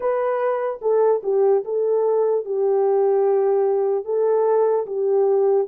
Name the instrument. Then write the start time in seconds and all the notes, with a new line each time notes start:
horn
0.00 B4
0.81 A4
1.23 G4
1.64 A4
2.45 G4
4.04 A4
4.86 G4